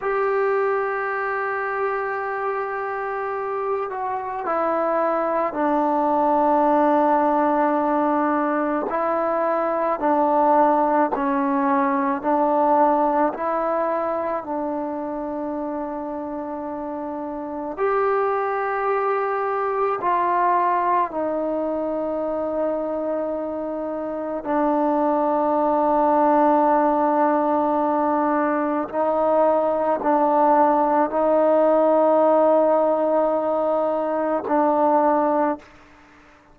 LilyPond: \new Staff \with { instrumentName = "trombone" } { \time 4/4 \tempo 4 = 54 g'2.~ g'8 fis'8 | e'4 d'2. | e'4 d'4 cis'4 d'4 | e'4 d'2. |
g'2 f'4 dis'4~ | dis'2 d'2~ | d'2 dis'4 d'4 | dis'2. d'4 | }